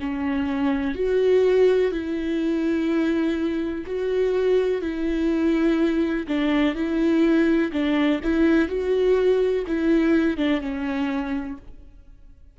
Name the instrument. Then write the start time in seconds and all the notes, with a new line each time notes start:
viola
0.00 C#4
0.95 F#4
1.92 E4
3.87 F#4
4.82 E4
6.28 D4
6.75 E4
7.72 D4
8.23 E4
8.69 F#4
9.67 E4
10.38 D4
10.61 C#4